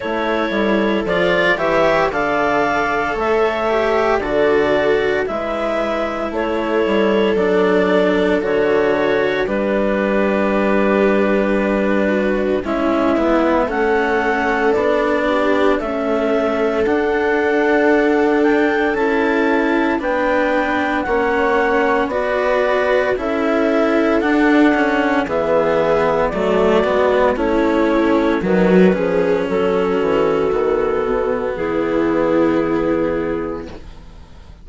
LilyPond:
<<
  \new Staff \with { instrumentName = "clarinet" } { \time 4/4 \tempo 4 = 57 cis''4 d''8 e''8 f''4 e''4 | d''4 e''4 cis''4 d''4 | cis''4 b'2. | e''4 fis''4 d''4 e''4 |
fis''4. g''8 a''4 g''4 | fis''4 d''4 e''4 fis''4 | e''4 d''4 cis''4 b'4 | a'2 gis'2 | }
  \new Staff \with { instrumentName = "viola" } { \time 4/4 a'4. cis''8 d''4 cis''4 | a'4 b'4 a'2~ | a'4 g'2~ g'8 fis'8 | e'4 a'4. g'8 a'4~ |
a'2. b'4 | cis''4 b'4 a'2 | gis'4 fis'4 e'4 fis'8 gis'8 | fis'2 e'2 | }
  \new Staff \with { instrumentName = "cello" } { \time 4/4 e'4 f'8 g'8 a'4. g'8 | fis'4 e'2 d'4 | fis'4 d'2. | cis'8 b8 cis'4 d'4 a4 |
d'2 e'4 d'4 | cis'4 fis'4 e'4 d'8 cis'8 | b4 a8 b8 cis'4 fis8 cis'8~ | cis'4 b2. | }
  \new Staff \with { instrumentName = "bassoon" } { \time 4/4 a8 g8 f8 e8 d4 a4 | d4 gis4 a8 g8 fis4 | d4 g2. | gis4 a4 b4 cis'4 |
d'2 cis'4 b4 | ais4 b4 cis'4 d'4 | e4 fis8 gis8 a4 dis8 f8 | fis8 e8 dis8 b,8 e2 | }
>>